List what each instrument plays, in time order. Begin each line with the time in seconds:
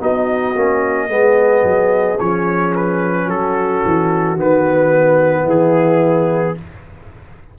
0.00 tuba B3, trombone D#4, horn F#4, trumpet D#5
0.55 tuba A#3, trombone C#4
1.08 tuba G#3, trombone B3, horn G#4
1.63 tuba F#3
2.19 tuba F3, trombone C#4, trumpet C#5
2.75 trumpet B4
3.25 tuba F#3, horn F#4, trumpet A4
3.85 tuba E3
4.36 tuba D#3, trombone B3, trumpet B4
5.42 tuba E3, horn E4
5.49 trumpet G#4